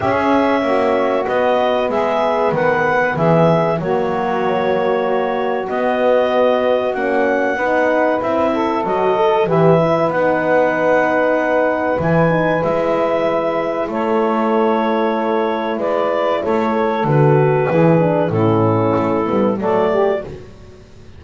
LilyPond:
<<
  \new Staff \with { instrumentName = "clarinet" } { \time 4/4 \tempo 4 = 95 e''2 dis''4 e''4 | fis''4 e''4 cis''2~ | cis''4 dis''2 fis''4~ | fis''4 e''4 dis''4 e''4 |
fis''2. gis''4 | e''2 cis''2~ | cis''4 d''4 cis''4 b'4~ | b'4 a'2 d''4 | }
  \new Staff \with { instrumentName = "saxophone" } { \time 4/4 gis'4 fis'2 gis'4 | b'4 gis'4 fis'2~ | fis'1 | b'4. a'4. b'4~ |
b'1~ | b'2 a'2~ | a'4 b'4 a'2 | gis'4 e'2 a'8 g'8 | }
  \new Staff \with { instrumentName = "horn" } { \time 4/4 cis'2 b2~ | b2 ais2~ | ais4 b2 cis'4 | dis'4 e'4 fis'8 a'8 g'8 e'8 |
dis'2. e'8 dis'8 | e'1~ | e'2. fis'4 | e'8 d'8 cis'4. b8 a4 | }
  \new Staff \with { instrumentName = "double bass" } { \time 4/4 cis'4 ais4 b4 gis4 | dis4 e4 fis2~ | fis4 b2 ais4 | b4 c'4 fis4 e4 |
b2. e4 | gis2 a2~ | a4 gis4 a4 d4 | e4 a,4 a8 g8 fis4 | }
>>